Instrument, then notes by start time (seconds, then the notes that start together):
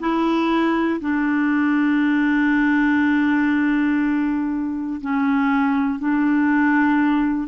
clarinet
0.00 E4
1.00 D4
5.01 C#4
6.00 D4